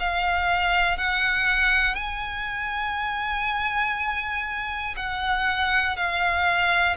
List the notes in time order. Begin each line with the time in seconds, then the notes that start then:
0.00 F5
0.98 F#5
1.95 G#5
4.96 F#5
5.96 F5